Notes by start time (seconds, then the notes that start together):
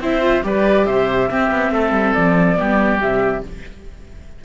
0.00 C4 E4 C5 E5
0.22 F4
0.43 G3 G4 B4 D5
0.86 C3 C5 E5
1.30 C4 G4
1.51 B3
1.72 A3 A4
1.92 G3
2.14 F3 D5
2.57 G3 B3 G4
3.01 C3 G3 E5